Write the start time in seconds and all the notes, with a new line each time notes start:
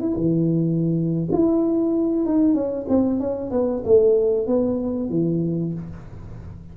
0.00 E4
0.17 E3
1.32 E4
2.26 D#4
2.54 C#4
2.89 C4
3.20 C#4
3.51 B3
3.85 A3
4.47 B3
5.10 E3